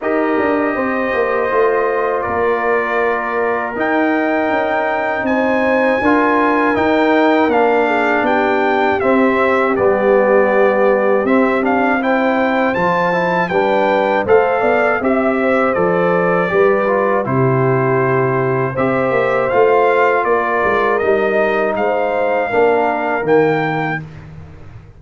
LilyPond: <<
  \new Staff \with { instrumentName = "trumpet" } { \time 4/4 \tempo 4 = 80 dis''2. d''4~ | d''4 g''2 gis''4~ | gis''4 g''4 f''4 g''4 | e''4 d''2 e''8 f''8 |
g''4 a''4 g''4 f''4 | e''4 d''2 c''4~ | c''4 e''4 f''4 d''4 | dis''4 f''2 g''4 | }
  \new Staff \with { instrumentName = "horn" } { \time 4/4 ais'4 c''2 ais'4~ | ais'2. c''4 | ais'2~ ais'8 gis'8 g'4~ | g'1 |
c''2 b'4 c''8 d''8 | e''8 c''4. b'4 g'4~ | g'4 c''2 ais'4~ | ais'4 c''4 ais'2 | }
  \new Staff \with { instrumentName = "trombone" } { \time 4/4 g'2 f'2~ | f'4 dis'2. | f'4 dis'4 d'2 | c'4 b2 c'8 d'8 |
e'4 f'8 e'8 d'4 a'4 | g'4 a'4 g'8 f'8 e'4~ | e'4 g'4 f'2 | dis'2 d'4 ais4 | }
  \new Staff \with { instrumentName = "tuba" } { \time 4/4 dis'8 d'8 c'8 ais8 a4 ais4~ | ais4 dis'4 cis'4 c'4 | d'4 dis'4 ais4 b4 | c'4 g2 c'4~ |
c'4 f4 g4 a8 b8 | c'4 f4 g4 c4~ | c4 c'8 ais8 a4 ais8 gis8 | g4 gis4 ais4 dis4 | }
>>